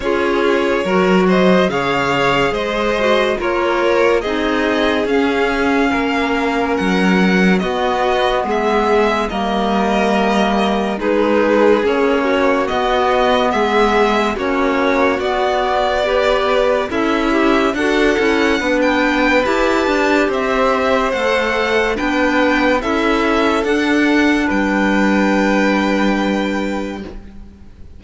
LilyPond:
<<
  \new Staff \with { instrumentName = "violin" } { \time 4/4 \tempo 4 = 71 cis''4. dis''8 f''4 dis''4 | cis''4 dis''4 f''2 | fis''4 dis''4 e''4 dis''4~ | dis''4 b'4 cis''4 dis''4 |
e''4 cis''4 d''2 | e''4 fis''4~ fis''16 g''8. a''4 | e''4 fis''4 g''4 e''4 | fis''4 g''2. | }
  \new Staff \with { instrumentName = "violin" } { \time 4/4 gis'4 ais'8 c''8 cis''4 c''4 | ais'4 gis'2 ais'4~ | ais'4 fis'4 gis'4 ais'4~ | ais'4 gis'4. fis'4. |
gis'4 fis'2 b'4 | e'4 a'4 b'2 | c''2 b'4 a'4~ | a'4 b'2. | }
  \new Staff \with { instrumentName = "clarinet" } { \time 4/4 f'4 fis'4 gis'4. fis'8 | f'4 dis'4 cis'2~ | cis'4 b2 ais4~ | ais4 dis'4 cis'4 b4~ |
b4 cis'4 b4 g'4 | a'8 g'8 fis'8 e'8 d'4 g'4~ | g'4 a'4 d'4 e'4 | d'1 | }
  \new Staff \with { instrumentName = "cello" } { \time 4/4 cis'4 fis4 cis4 gis4 | ais4 c'4 cis'4 ais4 | fis4 b4 gis4 g4~ | g4 gis4 ais4 b4 |
gis4 ais4 b2 | cis'4 d'8 cis'8 b4 e'8 d'8 | c'4 a4 b4 cis'4 | d'4 g2. | }
>>